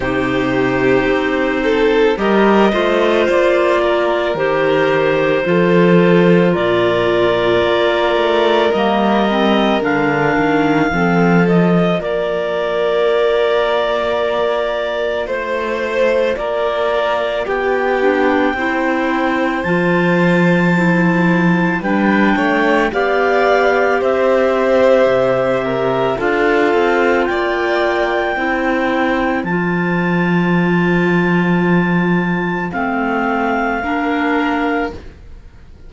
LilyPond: <<
  \new Staff \with { instrumentName = "clarinet" } { \time 4/4 \tempo 4 = 55 c''2 dis''4 d''4 | c''2 d''2 | dis''4 f''4. dis''8 d''4~ | d''2 c''4 d''4 |
g''2 a''2 | g''4 f''4 e''2 | f''4 g''2 a''4~ | a''2 f''2 | }
  \new Staff \with { instrumentName = "violin" } { \time 4/4 g'4. a'8 ais'8 c''4 ais'8~ | ais'4 a'4 ais'2~ | ais'2 a'4 ais'4~ | ais'2 c''4 ais'4 |
g'4 c''2. | b'8 cis''8 d''4 c''4. ais'8 | a'4 d''4 c''2~ | c''2. ais'4 | }
  \new Staff \with { instrumentName = "clarinet" } { \time 4/4 dis'2 g'8 f'4. | g'4 f'2. | ais8 c'8 d'4 c'8 f'4.~ | f'1~ |
f'8 d'8 e'4 f'4 e'4 | d'4 g'2. | f'2 e'4 f'4~ | f'2 c'4 d'4 | }
  \new Staff \with { instrumentName = "cello" } { \time 4/4 c4 c'4 g8 a8 ais4 | dis4 f4 ais,4 ais8 a8 | g4 d8 dis8 f4 ais4~ | ais2 a4 ais4 |
b4 c'4 f2 | g8 a8 b4 c'4 c4 | d'8 c'8 ais4 c'4 f4~ | f2 a4 ais4 | }
>>